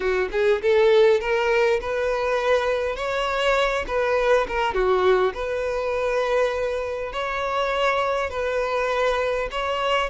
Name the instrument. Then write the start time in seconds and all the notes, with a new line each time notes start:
violin
0.00 F#4
0.31 G#4
0.62 A4
1.20 A#4
1.81 B4
2.95 C#5
3.87 B4
4.47 A#4
4.74 F#4
5.34 B4
7.12 C#5
8.30 B4
9.51 C#5